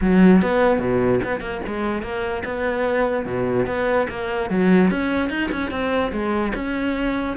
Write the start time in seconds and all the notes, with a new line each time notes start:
0.01 F#3
0.42 B3
0.79 B2
1.24 B3
1.40 A#3
1.66 G#3
2.02 A#3
2.45 B3
3.25 B2
3.66 B3
4.09 A#3
4.50 F#3
4.90 C#4
5.29 D#4
5.51 C#4
5.71 C4
6.12 G#3
6.55 C#4